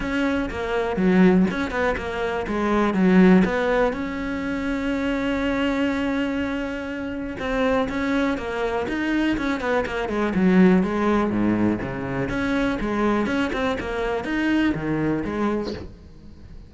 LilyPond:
\new Staff \with { instrumentName = "cello" } { \time 4/4 \tempo 4 = 122 cis'4 ais4 fis4 cis'8 b8 | ais4 gis4 fis4 b4 | cis'1~ | cis'2. c'4 |
cis'4 ais4 dis'4 cis'8 b8 | ais8 gis8 fis4 gis4 gis,4 | cis4 cis'4 gis4 cis'8 c'8 | ais4 dis'4 dis4 gis4 | }